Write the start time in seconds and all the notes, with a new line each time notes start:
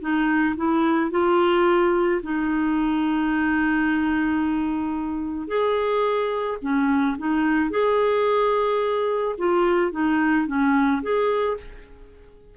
0.00 D#4
0.56 E4
1.11 F4
2.23 D#4
5.47 G#4
6.62 C#4
7.18 D#4
7.70 G#4
9.38 F4
9.92 D#4
10.47 C#4
11.02 G#4